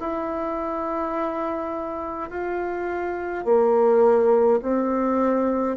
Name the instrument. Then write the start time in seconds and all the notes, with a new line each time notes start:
bassoon
0.00 E4
2.31 F4
3.45 A#3
4.63 C4